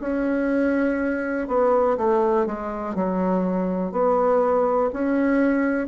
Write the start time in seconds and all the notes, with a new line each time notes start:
0.00 C#4
1.48 B3
1.97 A3
2.46 G#3
2.95 F#3
3.92 B3
4.93 C#4